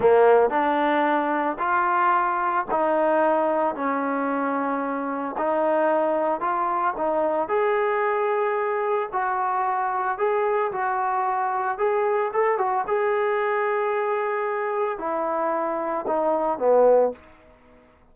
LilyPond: \new Staff \with { instrumentName = "trombone" } { \time 4/4 \tempo 4 = 112 ais4 d'2 f'4~ | f'4 dis'2 cis'4~ | cis'2 dis'2 | f'4 dis'4 gis'2~ |
gis'4 fis'2 gis'4 | fis'2 gis'4 a'8 fis'8 | gis'1 | e'2 dis'4 b4 | }